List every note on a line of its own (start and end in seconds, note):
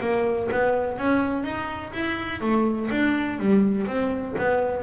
0.00 0.48 A#3
0.51 0.98 B3
0.98 1.43 C#4
1.43 1.92 D#4
1.92 2.41 E4
2.41 2.89 A3
2.91 3.39 D4
3.39 3.86 G3
3.86 4.35 C4
4.38 4.82 B3